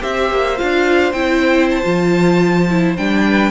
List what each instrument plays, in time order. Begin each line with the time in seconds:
0.00 cello C4, viola G4, violin C5 E5
0.31 cello A#3
0.58 cello D4, viola F4, violin F5
1.12 cello C4, viola E4, violin G5
1.71 violin A5
1.83 cello F3, viola F4
2.70 viola E4
2.97 cello G3, viola D4, violin G5
3.28 violin B4